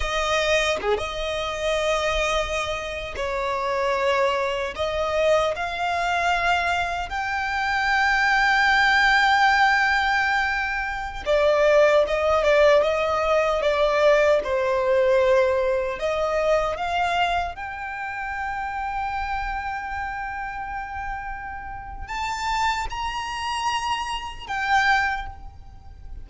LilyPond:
\new Staff \with { instrumentName = "violin" } { \time 4/4 \tempo 4 = 76 dis''4 gis'16 dis''2~ dis''8. | cis''2 dis''4 f''4~ | f''4 g''2.~ | g''2~ g''16 d''4 dis''8 d''16~ |
d''16 dis''4 d''4 c''4.~ c''16~ | c''16 dis''4 f''4 g''4.~ g''16~ | g''1 | a''4 ais''2 g''4 | }